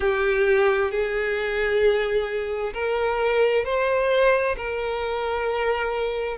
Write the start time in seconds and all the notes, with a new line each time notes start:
0.00 G4
0.91 G#4
2.73 A#4
3.64 C5
4.56 A#4